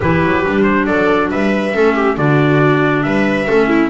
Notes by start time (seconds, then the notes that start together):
0.00 E3 E4 G4 B4
0.23 F#3
0.44 G3 D4
0.63 C5
0.85 F#3 A4 D5
1.30 G3 B4 E5
1.73 A3 C#4 A4
1.94 G4
2.16 D3 D4 F#4 D5
3.02 G3 B4 E5
3.47 A3 C#4 A4
3.67 E4